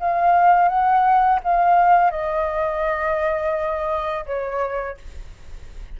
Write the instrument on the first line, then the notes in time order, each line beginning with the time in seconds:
flute
0.00 F5
0.68 F#5
1.44 F5
2.11 D#5
4.26 C#5